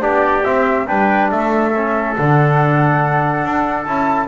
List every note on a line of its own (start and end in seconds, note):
0.00 0.45 B3
0.00 0.43 D4
0.00 0.87 G4
0.00 0.44 D5
0.44 0.86 C4
0.44 0.89 C4
0.44 0.87 E5
0.86 1.31 G3
0.86 1.71 D4
0.86 1.30 B4
0.86 1.29 G5
1.30 2.16 A3
1.30 4.27 A4
1.30 2.15 E5
1.75 2.18 C#4
2.16 3.44 D3
2.16 3.87 D4
2.16 3.84 F#5
3.44 3.86 D4
3.84 4.27 C#4
3.84 4.27 E4
3.84 4.27 A5